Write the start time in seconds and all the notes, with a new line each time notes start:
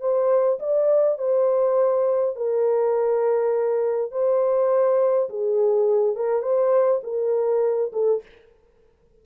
0.00 C5
0.59 D5
1.18 C5
2.36 A#4
4.11 C5
5.29 G#4
6.16 A#4
6.42 C5
7.03 A#4
7.93 A4